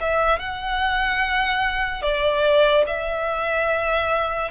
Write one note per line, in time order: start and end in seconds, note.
0.00 0.39 E5
0.39 2.02 F#5
2.02 2.84 D5
2.87 4.51 E5